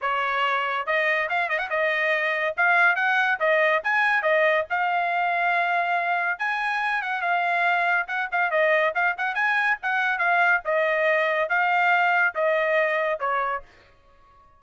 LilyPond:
\new Staff \with { instrumentName = "trumpet" } { \time 4/4 \tempo 4 = 141 cis''2 dis''4 f''8 dis''16 fis''16 | dis''2 f''4 fis''4 | dis''4 gis''4 dis''4 f''4~ | f''2. gis''4~ |
gis''8 fis''8 f''2 fis''8 f''8 | dis''4 f''8 fis''8 gis''4 fis''4 | f''4 dis''2 f''4~ | f''4 dis''2 cis''4 | }